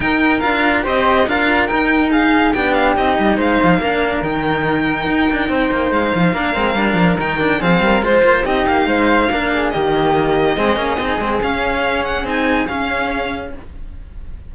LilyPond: <<
  \new Staff \with { instrumentName = "violin" } { \time 4/4 \tempo 4 = 142 g''4 f''4 dis''4 f''4 | g''4 f''4 g''8 f''8 dis''4 | f''2 g''2~ | g''2 f''2~ |
f''4 g''4 f''4 c''4 | dis''8 f''2~ f''8 dis''4~ | dis''2. f''4~ | f''8 fis''8 gis''4 f''2 | }
  \new Staff \with { instrumentName = "flute" } { \time 4/4 ais'2 c''4 ais'4~ | ais'4 gis'4 g'2 | c''4 ais'2.~ | ais'4 c''2 ais'4~ |
ais'2 gis'8 ais'8 c''4 | g'4 c''4 ais'8 gis'8 g'4~ | g'4 gis'2.~ | gis'1 | }
  \new Staff \with { instrumentName = "cello" } { \time 4/4 dis'4 f'4 g'4 f'4 | dis'2 d'4 dis'4~ | dis'4 d'4 dis'2~ | dis'2. d'8 c'8 |
d'4 dis'8 d'8 c'4 f'4 | dis'2 d'4 ais4~ | ais4 c'8 cis'8 dis'8 c'8 cis'4~ | cis'4 dis'4 cis'2 | }
  \new Staff \with { instrumentName = "cello" } { \time 4/4 dis'4 d'4 c'4 d'4 | dis'2 b4 c'8 g8 | gis8 f8 ais4 dis2 | dis'8 d'8 c'8 ais8 gis8 f8 ais8 gis8 |
g8 f8 dis4 f8 g8 gis8 ais8 | c'8 ais8 gis4 ais4 dis4~ | dis4 gis8 ais8 c'8 gis8 cis'4~ | cis'4 c'4 cis'2 | }
>>